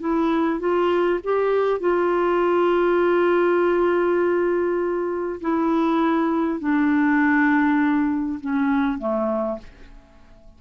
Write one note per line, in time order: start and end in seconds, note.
0.00 0.59 E4
0.59 1.19 F4
1.23 1.80 G4
1.80 5.40 F4
5.41 6.59 E4
6.59 8.39 D4
8.40 8.98 C#4
8.98 9.58 A3